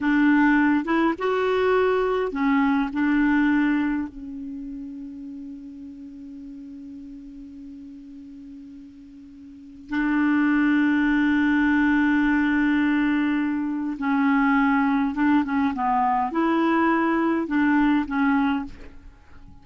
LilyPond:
\new Staff \with { instrumentName = "clarinet" } { \time 4/4 \tempo 4 = 103 d'4. e'8 fis'2 | cis'4 d'2 cis'4~ | cis'1~ | cis'1~ |
cis'4 d'2.~ | d'1 | cis'2 d'8 cis'8 b4 | e'2 d'4 cis'4 | }